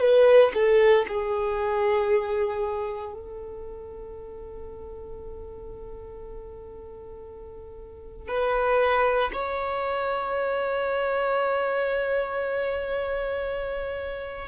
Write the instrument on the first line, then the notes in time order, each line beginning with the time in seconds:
violin
0.00 B4
0.54 A4
1.08 G#4
3.14 A4
8.28 B4
9.33 C#5